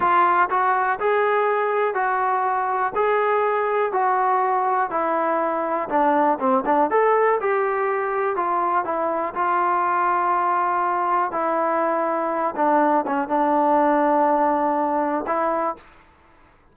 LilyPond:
\new Staff \with { instrumentName = "trombone" } { \time 4/4 \tempo 4 = 122 f'4 fis'4 gis'2 | fis'2 gis'2 | fis'2 e'2 | d'4 c'8 d'8 a'4 g'4~ |
g'4 f'4 e'4 f'4~ | f'2. e'4~ | e'4. d'4 cis'8 d'4~ | d'2. e'4 | }